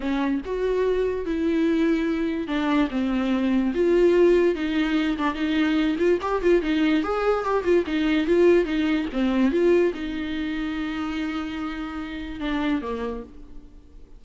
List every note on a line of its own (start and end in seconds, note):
0.00 0.41 C#4
0.45 1.25 F#4
1.25 2.47 E4
2.47 2.89 D4
2.90 3.73 C4
3.74 4.55 F4
4.55 5.17 D#4
5.17 5.34 D4
5.34 5.96 D#4
5.98 6.19 F4
6.21 6.41 G4
6.41 6.62 F4
6.62 7.03 D#4
7.03 7.44 G#4
7.44 7.63 G4
7.63 7.84 F4
7.86 8.26 D#4
8.26 8.64 F4
8.64 9.06 D#4
9.12 9.51 C4
9.51 9.92 F4
9.93 12.40 D#4
12.40 12.81 D4
12.81 13.23 A#3